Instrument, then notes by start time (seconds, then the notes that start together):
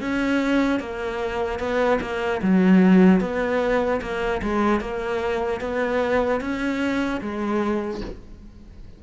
cello
0.00 C#4
0.80 A#3
1.59 B3
2.01 A#3
2.42 F#3
3.20 B3
4.01 A#3
4.42 G#3
4.80 A#3
5.60 B3
6.40 C#4
7.21 G#3